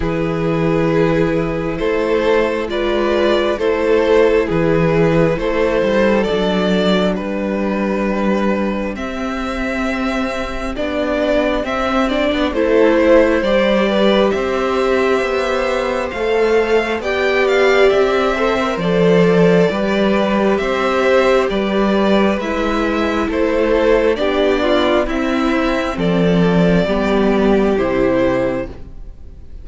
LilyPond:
<<
  \new Staff \with { instrumentName = "violin" } { \time 4/4 \tempo 4 = 67 b'2 c''4 d''4 | c''4 b'4 c''4 d''4 | b'2 e''2 | d''4 e''8 d''8 c''4 d''4 |
e''2 f''4 g''8 f''8 | e''4 d''2 e''4 | d''4 e''4 c''4 d''4 | e''4 d''2 c''4 | }
  \new Staff \with { instrumentName = "violin" } { \time 4/4 gis'2 a'4 b'4 | a'4 gis'4 a'2 | g'1~ | g'2 a'8 c''4 b'8 |
c''2. d''4~ | d''8 c''4. b'4 c''4 | b'2 a'4 g'8 f'8 | e'4 a'4 g'2 | }
  \new Staff \with { instrumentName = "viola" } { \time 4/4 e'2. f'4 | e'2. d'4~ | d'2 c'2 | d'4 c'8 d'8 e'4 g'4~ |
g'2 a'4 g'4~ | g'8 a'16 ais'16 a'4 g'2~ | g'4 e'2 d'4 | c'2 b4 e'4 | }
  \new Staff \with { instrumentName = "cello" } { \time 4/4 e2 a4 gis4 | a4 e4 a8 g8 fis4 | g2 c'2 | b4 c'8. b16 a4 g4 |
c'4 b4 a4 b4 | c'4 f4 g4 c'4 | g4 gis4 a4 b4 | c'4 f4 g4 c4 | }
>>